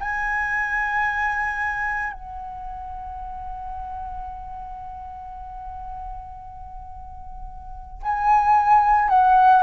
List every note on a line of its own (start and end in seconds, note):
0.00 2.12 G#5
2.12 8.02 F#5
8.03 9.09 G#5
9.09 9.62 F#5